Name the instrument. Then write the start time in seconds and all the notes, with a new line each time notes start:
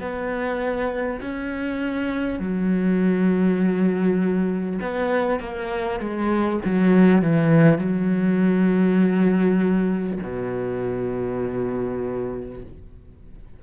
cello
0.00 B3
1.21 C#4
2.39 F#3
4.81 B3
5.39 A#3
5.99 G#3
6.64 F#3
7.22 E3
7.78 F#3
10.23 B2